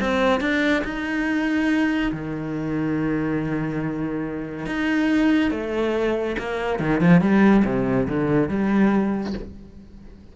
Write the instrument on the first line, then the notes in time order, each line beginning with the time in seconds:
cello
0.00 C4
0.40 D4
0.84 D#4
2.12 D#3
4.66 D#4
5.51 A3
6.39 A#3
6.79 D#3
7.01 F3
7.21 G3
7.65 C3
8.08 D3
8.48 G3